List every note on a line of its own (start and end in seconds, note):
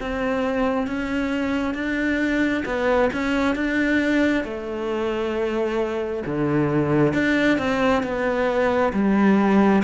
0.00 0.87 C4
0.87 1.74 C#4
1.74 2.63 D4
2.65 3.10 B3
3.13 3.55 C#4
3.55 4.44 D4
4.44 6.23 A3
6.26 7.13 D3
7.13 7.58 D4
7.58 8.03 C4
8.03 8.92 B3
8.93 9.82 G3